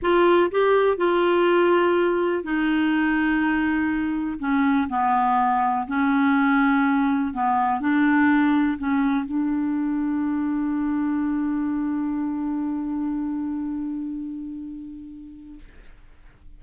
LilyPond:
\new Staff \with { instrumentName = "clarinet" } { \time 4/4 \tempo 4 = 123 f'4 g'4 f'2~ | f'4 dis'2.~ | dis'4 cis'4 b2 | cis'2. b4 |
d'2 cis'4 d'4~ | d'1~ | d'1~ | d'1 | }